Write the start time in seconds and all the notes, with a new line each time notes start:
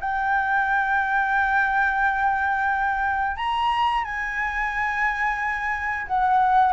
0.00 G5
3.36 A#5
4.04 G#5
6.07 F#5